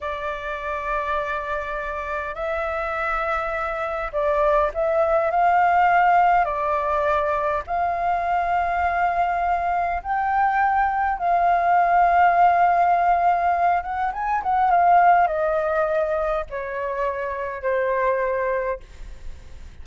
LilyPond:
\new Staff \with { instrumentName = "flute" } { \time 4/4 \tempo 4 = 102 d''1 | e''2. d''4 | e''4 f''2 d''4~ | d''4 f''2.~ |
f''4 g''2 f''4~ | f''2.~ f''8 fis''8 | gis''8 fis''8 f''4 dis''2 | cis''2 c''2 | }